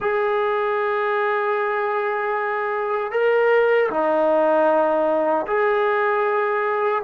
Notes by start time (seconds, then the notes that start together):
0.00 G#4
3.11 A#4
3.90 D#4
5.47 G#4